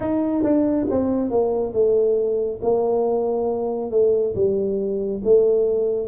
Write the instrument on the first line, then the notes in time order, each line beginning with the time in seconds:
tuba
0.00 D#4
0.43 D4
0.90 C4
1.30 A#3
1.73 A3
2.62 A#3
3.91 A3
4.35 G3
5.24 A3